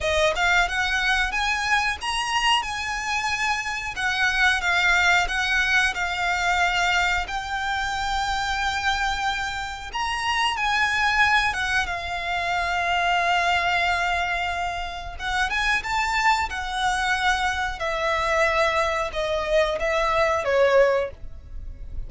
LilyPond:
\new Staff \with { instrumentName = "violin" } { \time 4/4 \tempo 4 = 91 dis''8 f''8 fis''4 gis''4 ais''4 | gis''2 fis''4 f''4 | fis''4 f''2 g''4~ | g''2. ais''4 |
gis''4. fis''8 f''2~ | f''2. fis''8 gis''8 | a''4 fis''2 e''4~ | e''4 dis''4 e''4 cis''4 | }